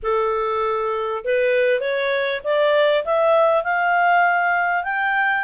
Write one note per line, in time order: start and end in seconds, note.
0.02 1.23 A4
1.24 1.80 B4
1.80 2.41 C#5
2.44 3.04 D5
3.05 3.63 E5
3.63 4.83 F5
4.83 5.44 G5